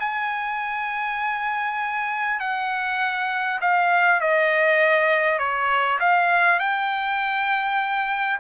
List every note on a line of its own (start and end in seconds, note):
0.00 2.40 G#5
2.40 3.60 F#5
3.61 4.21 F5
4.21 5.39 D#5
5.39 5.99 C#5
6.00 6.60 F5
6.60 8.40 G5